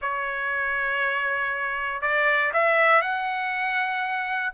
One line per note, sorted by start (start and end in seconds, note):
0.01 2.01 C#5
2.01 2.51 D5
2.53 3.01 E5
3.01 4.53 F#5